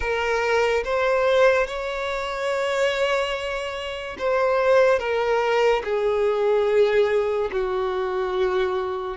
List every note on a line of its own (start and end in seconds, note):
0.00 0.83 A#4
0.84 1.66 C5
1.66 4.16 C#5
4.18 4.99 C5
4.99 5.82 A#4
5.83 7.50 G#4
7.52 9.17 F#4